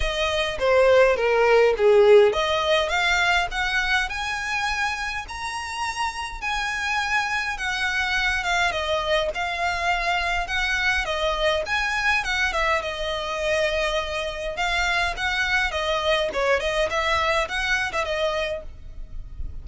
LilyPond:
\new Staff \with { instrumentName = "violin" } { \time 4/4 \tempo 4 = 103 dis''4 c''4 ais'4 gis'4 | dis''4 f''4 fis''4 gis''4~ | gis''4 ais''2 gis''4~ | gis''4 fis''4. f''8 dis''4 |
f''2 fis''4 dis''4 | gis''4 fis''8 e''8 dis''2~ | dis''4 f''4 fis''4 dis''4 | cis''8 dis''8 e''4 fis''8. e''16 dis''4 | }